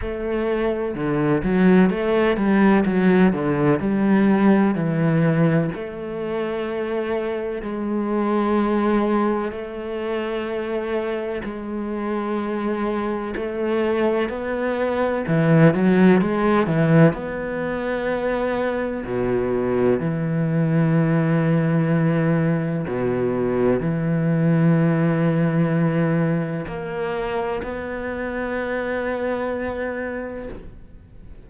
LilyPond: \new Staff \with { instrumentName = "cello" } { \time 4/4 \tempo 4 = 63 a4 d8 fis8 a8 g8 fis8 d8 | g4 e4 a2 | gis2 a2 | gis2 a4 b4 |
e8 fis8 gis8 e8 b2 | b,4 e2. | b,4 e2. | ais4 b2. | }